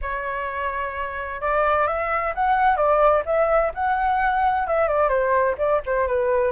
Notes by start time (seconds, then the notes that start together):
0.01 C#5
1.41 D5
1.87 E5
2.34 F#5
2.76 D5
3.25 E5
3.74 F#5
4.67 E5
4.88 D5
5.08 C5
5.58 D5
5.85 C5
6.07 B4